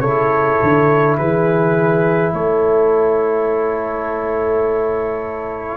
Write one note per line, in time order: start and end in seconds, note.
0.00 0.58 C#3
0.00 5.77 E4
0.00 1.17 A4
0.00 1.16 C#5
0.62 1.20 D3
1.18 2.34 E3
1.18 2.34 G#4
1.18 2.33 B4
2.33 5.77 A3
2.33 5.77 A4
2.33 5.77 C#5